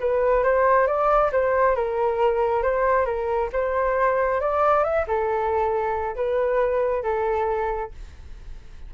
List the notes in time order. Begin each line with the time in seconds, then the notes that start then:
0.00 B4
0.44 C5
0.87 D5
1.32 C5
1.76 A#4
2.63 C5
3.06 A#4
3.53 C5
4.41 D5
4.84 E5
5.08 A4
6.16 B4
7.03 A4